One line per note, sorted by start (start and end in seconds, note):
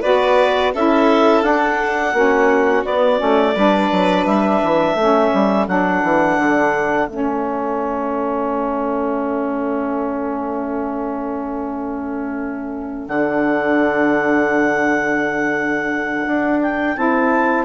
0.00 0.74 B3
0.00 0.73 F#4
0.00 0.71 B4
0.00 0.73 D5
0.74 1.42 C#4
0.74 1.43 E4
0.74 2.15 A4
0.74 1.43 E5
1.42 2.13 D4
1.42 2.84 F#5
2.13 2.84 A#3
2.13 2.85 C#4
2.13 3.54 F#4
2.84 3.19 B3
2.84 3.17 B3
2.84 4.25 D5
3.17 3.55 A3
3.17 3.53 C#4
3.54 3.91 G3
3.54 4.97 D4
3.54 4.94 B4
3.91 4.26 F#3
4.25 4.61 G3
4.25 5.66 E5
4.63 4.94 E3
4.94 5.30 A3
4.94 5.67 C#4
4.94 17.64 A4
5.34 5.67 G3
5.67 6.02 F#3
5.67 7.08 D4
5.67 7.07 F#5
6.02 6.38 E3
6.38 7.07 D3
7.07 13.07 A3
7.07 13.09 C#4
7.07 13.07 E5
13.08 16.26 D3
13.08 16.95 D4
13.08 16.61 F#5
16.26 16.97 D4
16.62 16.97 G5
16.95 17.65 C4
16.95 17.65 E4
16.95 17.65 A5